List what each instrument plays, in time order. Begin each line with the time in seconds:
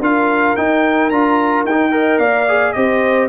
0.00 tuba D4, trombone F4, horn A#4, trumpet F5
0.56 trombone D#4, tuba D#4, trumpet G5
1.10 tuba D4, trombone F4, trumpet A#5
1.64 tuba D#4, trumpet G5
1.70 trombone D#4
1.91 trombone A#4, horn D#5
2.18 tuba A#3, horn D5, trumpet F5
2.48 trombone G#4
2.72 tuba C4, trombone G4, horn C5, trumpet D#5